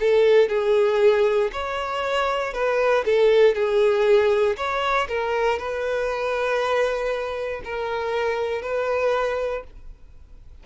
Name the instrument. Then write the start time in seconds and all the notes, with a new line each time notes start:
violin
0.00 A4
0.49 G#4
1.53 C#5
2.53 B4
3.06 A4
3.55 G#4
4.57 C#5
5.08 A#4
5.59 B4
7.64 A#4
8.62 B4